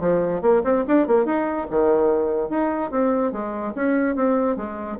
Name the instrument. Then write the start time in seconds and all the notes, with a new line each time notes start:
bassoon
0.00 F3
0.41 A#3
0.64 C4
0.87 D4
1.07 A#3
1.25 D#4
1.70 D#3
2.50 D#4
2.91 C4
3.32 G#3
3.75 C#4
4.15 C4
4.56 G#3